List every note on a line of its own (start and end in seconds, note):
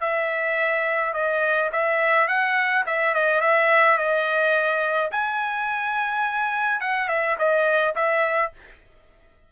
0.00 1.13 E5
1.13 1.70 D#5
1.72 2.28 E5
2.28 2.84 F#5
2.86 3.14 E5
3.14 3.41 D#5
3.41 3.98 E5
3.98 5.11 D#5
5.11 6.80 G#5
6.80 7.08 F#5
7.08 7.36 E5
7.38 7.95 D#5
7.95 8.52 E5